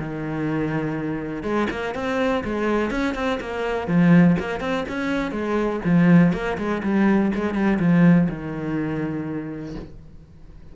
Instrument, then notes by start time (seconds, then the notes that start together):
cello
0.00 D#3
1.43 G#3
1.71 A#3
1.95 C4
2.45 G#3
2.91 C#4
3.15 C4
3.41 A#3
3.88 F3
4.40 A#3
4.60 C4
4.89 C#4
5.32 G#3
5.85 F3
6.33 A#3
6.58 G#3
6.83 G3
7.35 G#3
7.55 G3
7.80 F3
8.29 D#3